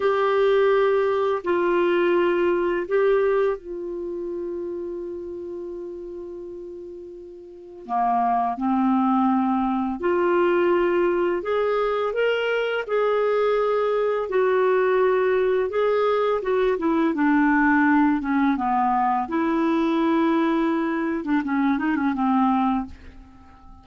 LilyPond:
\new Staff \with { instrumentName = "clarinet" } { \time 4/4 \tempo 4 = 84 g'2 f'2 | g'4 f'2.~ | f'2. ais4 | c'2 f'2 |
gis'4 ais'4 gis'2 | fis'2 gis'4 fis'8 e'8 | d'4. cis'8 b4 e'4~ | e'4.~ e'16 d'16 cis'8 dis'16 cis'16 c'4 | }